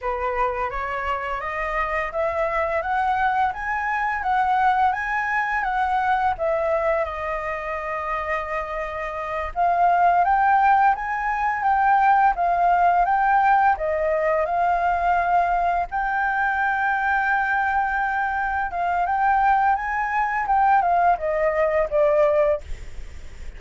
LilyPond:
\new Staff \with { instrumentName = "flute" } { \time 4/4 \tempo 4 = 85 b'4 cis''4 dis''4 e''4 | fis''4 gis''4 fis''4 gis''4 | fis''4 e''4 dis''2~ | dis''4. f''4 g''4 gis''8~ |
gis''8 g''4 f''4 g''4 dis''8~ | dis''8 f''2 g''4.~ | g''2~ g''8 f''8 g''4 | gis''4 g''8 f''8 dis''4 d''4 | }